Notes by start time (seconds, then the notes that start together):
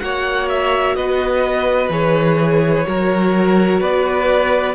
0.00 A#3 F#4 C#5 F#5
0.49 E5
0.95 B3 B4 D#5
1.89 E3 G#4 C#5
2.86 F#3 F#4 A#4
3.80 B3 B4 D5